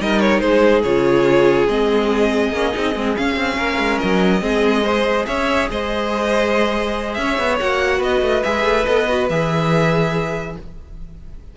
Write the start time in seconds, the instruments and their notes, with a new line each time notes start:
0.00 cello G3, viola D#4, violin A#4 D#5
0.20 violin C#5
0.40 cello G#3, violin G#4 C5
0.83 cello C#3, viola F4, violin C#5
1.68 cello G#3, viola C4, violin D#5
2.52 cello A#3, viola C#4
2.73 cello C4, viola D#4
2.96 cello G#3, viola C4
3.17 viola C#4, cello C#4, violin F5
3.36 cello C4
3.57 cello A#3, violin A#4
3.78 cello G#3
3.99 cello F#3, violin D#5
4.41 cello G#3, viola C4, violin G#4
4.84 viola G#4, violin C5
5.27 cello C#4, violin C#5 E5
5.71 cello G#3, violin C5 D#5
7.14 cello C#4, violin E5
7.21 violin C#5
7.39 cello B3
7.59 cello A#3, viola F#4, violin F#5
7.99 cello B3, violin B4 D#5
8.22 cello A3
8.43 cello G#3, viola G#4, violin E5
8.65 cello A3
8.86 cello B3, viola A4, violin D#5
9.09 viola F#4
9.30 cello E3, viola G#4, violin E5